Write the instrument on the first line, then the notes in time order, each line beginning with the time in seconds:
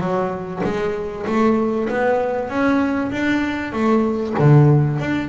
double bass
0.00 F#3
0.64 G#3
1.27 A3
1.89 B3
2.49 C#4
3.12 D4
3.73 A3
4.39 D3
5.00 D4